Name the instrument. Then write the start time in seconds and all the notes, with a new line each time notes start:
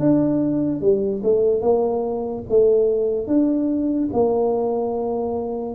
tuba
0.00 D4
0.81 G3
1.24 A3
1.61 A#3
2.50 A3
3.27 D4
4.13 A#3